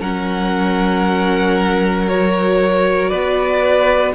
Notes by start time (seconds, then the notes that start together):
0.00 F#3 C#4 A#4 F#5
2.08 F#4 C#5
3.08 B3 B4 D5